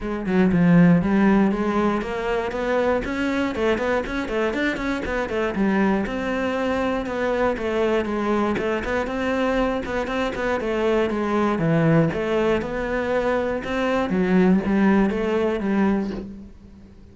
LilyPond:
\new Staff \with { instrumentName = "cello" } { \time 4/4 \tempo 4 = 119 gis8 fis8 f4 g4 gis4 | ais4 b4 cis'4 a8 b8 | cis'8 a8 d'8 cis'8 b8 a8 g4 | c'2 b4 a4 |
gis4 a8 b8 c'4. b8 | c'8 b8 a4 gis4 e4 | a4 b2 c'4 | fis4 g4 a4 g4 | }